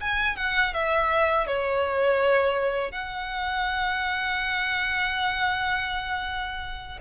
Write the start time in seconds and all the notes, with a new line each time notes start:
0.00 G#5
0.36 F#5
0.73 E5
1.46 C#5
2.91 F#5